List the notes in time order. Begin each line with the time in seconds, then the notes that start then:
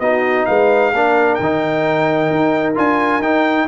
0.00 B3 D#4 F#4 D#5
0.46 G#3 B4 F5
0.92 A#3 D4 A#4
1.35 D#3 G5
1.43 D#4
2.31 D#4
2.75 D4 F4 G#5
3.19 D#4 G5